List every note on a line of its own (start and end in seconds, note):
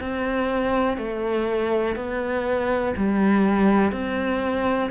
0.00 0.97 C4
0.97 1.96 A3
1.96 2.94 B3
2.96 3.92 G3
3.92 4.90 C4